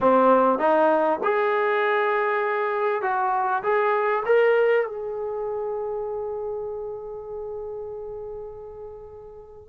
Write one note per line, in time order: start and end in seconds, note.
0.00 0.58 C4
0.58 1.19 D#4
1.23 3.02 G#4
3.02 3.62 F#4
3.63 4.23 G#4
4.25 4.86 A#4
4.86 9.69 G#4